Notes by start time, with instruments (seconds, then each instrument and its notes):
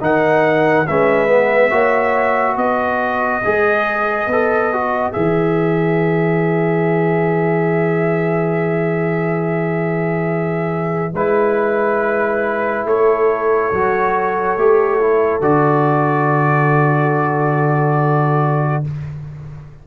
0.00 tuba D#3, trombone D#4, horn A#4, trumpet F#5
0.87 tuba G#3, trombone C#4, horn B4, trumpet E5
1.27 trombone B3
1.70 tuba A#3, trombone F#4, horn C#5
2.56 tuba B3, horn B4, trumpet D#5
3.44 tuba G#3, trombone G#4
4.27 tuba B3, trombone A4
4.73 trombone F#4
5.12 tuba E3, trombone G#4, trumpet E5
11.13 tuba G#3, trombone E4, trumpet B4
12.84 tuba A3, horn A4, trumpet C#5
13.72 tuba F#3, trombone F#4
14.57 tuba A3, trombone G4
15.00 trombone E4
15.41 tuba D3, trombone F#4, trumpet D5